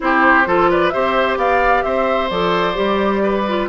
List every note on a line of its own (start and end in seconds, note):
0.00 0.46 C4
0.00 0.45 E4
0.00 0.47 G4
0.00 0.70 C5
0.46 0.92 F3
0.46 0.92 F4
0.46 0.70 A4
0.70 0.93 B4
0.70 0.89 D5
0.89 1.36 C4
0.89 2.30 G4
0.89 1.38 C5
0.89 1.35 E5
1.36 1.83 B3
1.36 1.84 D5
1.36 1.82 F5
1.82 2.30 C4
1.82 3.22 C5
1.82 2.28 E5
2.29 2.76 F3
2.29 2.73 A4
2.29 3.67 D5
2.73 3.68 G3
2.73 3.43 G4
3.23 3.68 B4
3.48 3.68 F4